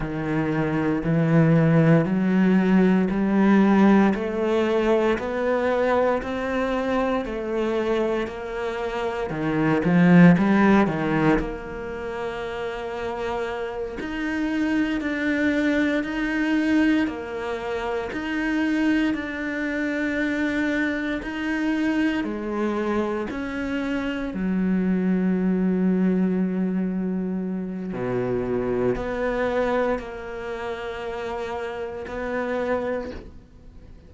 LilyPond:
\new Staff \with { instrumentName = "cello" } { \time 4/4 \tempo 4 = 58 dis4 e4 fis4 g4 | a4 b4 c'4 a4 | ais4 dis8 f8 g8 dis8 ais4~ | ais4. dis'4 d'4 dis'8~ |
dis'8 ais4 dis'4 d'4.~ | d'8 dis'4 gis4 cis'4 fis8~ | fis2. b,4 | b4 ais2 b4 | }